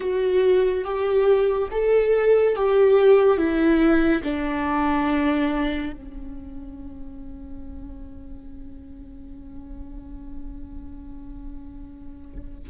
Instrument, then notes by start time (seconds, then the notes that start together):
viola
0.00 F#4
0.84 G4
1.71 A4
2.55 G4
3.37 E4
4.23 D4
5.92 C#4